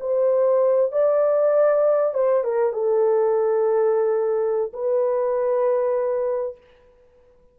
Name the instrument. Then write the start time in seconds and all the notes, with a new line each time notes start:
horn
0.00 C5
0.92 D5
2.13 C5
2.44 A#4
2.73 A4
4.73 B4